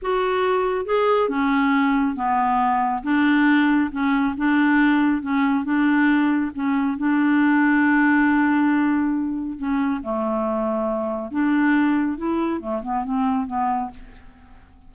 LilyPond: \new Staff \with { instrumentName = "clarinet" } { \time 4/4 \tempo 4 = 138 fis'2 gis'4 cis'4~ | cis'4 b2 d'4~ | d'4 cis'4 d'2 | cis'4 d'2 cis'4 |
d'1~ | d'2 cis'4 a4~ | a2 d'2 | e'4 a8 b8 c'4 b4 | }